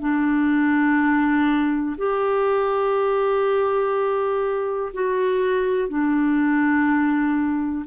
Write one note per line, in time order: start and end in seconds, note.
0.00 1.97 D4
1.98 4.93 G4
4.94 5.89 F#4
5.89 7.86 D4